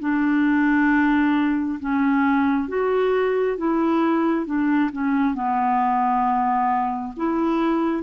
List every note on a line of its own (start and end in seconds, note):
0.00 1.79 D4
1.80 2.69 C#4
2.69 3.58 F#4
3.58 4.46 E4
4.46 4.91 D4
4.92 5.34 C#4
5.34 7.14 B3
7.17 8.03 E4